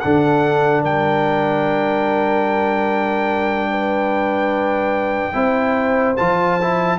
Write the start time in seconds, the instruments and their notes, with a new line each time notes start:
0.00 tuba D3, trombone D4, horn A4, trumpet F#5
0.82 tuba G3, horn A#4, trumpet G5
3.71 horn B4
5.33 tuba C4, trombone E4, horn C5
6.17 tuba F3, trombone F4, trumpet A5
6.62 trombone E4